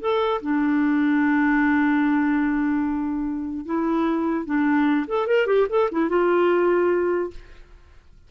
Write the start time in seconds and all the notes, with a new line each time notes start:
0.00 A4
0.41 D4
3.65 E4
4.45 D4
5.07 A4
5.26 A#4
5.46 G4
5.69 A4
5.91 E4
6.09 F4